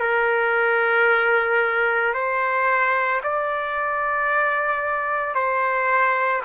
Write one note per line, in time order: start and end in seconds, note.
0.00 2.14 A#4
2.14 3.21 C5
3.23 5.35 D5
5.35 6.42 C5